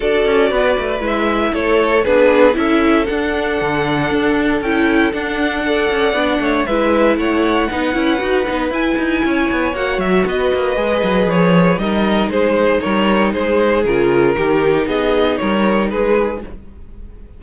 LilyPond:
<<
  \new Staff \with { instrumentName = "violin" } { \time 4/4 \tempo 4 = 117 d''2 e''4 cis''4 | b'4 e''4 fis''2~ | fis''4 g''4 fis''2~ | fis''4 e''4 fis''2~ |
fis''4 gis''2 fis''8 e''8 | dis''2 cis''4 dis''4 | c''4 cis''4 c''4 ais'4~ | ais'4 dis''4 cis''4 b'4 | }
  \new Staff \with { instrumentName = "violin" } { \time 4/4 a'4 b'2 a'4 | gis'4 a'2.~ | a'2. d''4~ | d''8 cis''8 b'4 cis''4 b'4~ |
b'2 cis''2 | b'2. ais'4 | gis'4 ais'4 gis'2 | g'4 gis'4 ais'4 gis'4 | }
  \new Staff \with { instrumentName = "viola" } { \time 4/4 fis'2 e'2 | d'4 e'4 d'2~ | d'4 e'4 d'4 a'4 | d'4 e'2 dis'8 e'8 |
fis'8 dis'8 e'2 fis'4~ | fis'4 gis'2 dis'4~ | dis'2. f'4 | dis'1 | }
  \new Staff \with { instrumentName = "cello" } { \time 4/4 d'8 cis'8 b8 a8 gis4 a4 | b4 cis'4 d'4 d4 | d'4 cis'4 d'4. cis'8 | b8 a8 gis4 a4 b8 cis'8 |
dis'8 b8 e'8 dis'8 cis'8 b8 ais8 fis8 | b8 ais8 gis8 fis8 f4 g4 | gis4 g4 gis4 cis4 | dis4 b4 g4 gis4 | }
>>